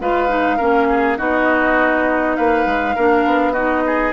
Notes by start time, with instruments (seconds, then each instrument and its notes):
0.00 bassoon G#3, clarinet F4, oboe B4, flute F5
0.28 clarinet D#4
0.57 bassoon A#3, clarinet C#4, oboe A#4
0.89 oboe G#4
1.17 bassoon B3, clarinet D#4, oboe F#4, flute D#5
2.36 bassoon A#3, oboe B4, flute F5
2.65 bassoon G#3
2.95 bassoon A#3, clarinet D4, oboe A#4
3.25 bassoon B3
3.52 clarinet D#4, oboe F#4, flute D#5
3.86 oboe G#4